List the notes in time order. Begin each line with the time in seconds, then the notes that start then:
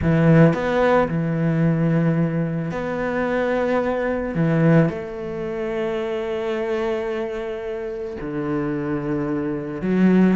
0.01 E3
0.53 B3
1.08 E3
2.71 B3
4.34 E3
4.89 A3
8.21 D3
9.81 F#3